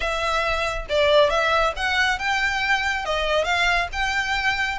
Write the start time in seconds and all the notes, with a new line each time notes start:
0.00 E5
0.89 D5
1.29 E5
1.76 F#5
2.19 G5
3.05 D#5
3.44 F5
3.92 G5